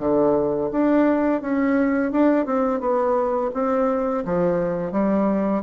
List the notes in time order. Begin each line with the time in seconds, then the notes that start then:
0.00 D3
0.72 D4
1.41 C#4
2.12 D4
2.46 C4
2.81 B3
3.54 C4
4.25 F3
4.92 G3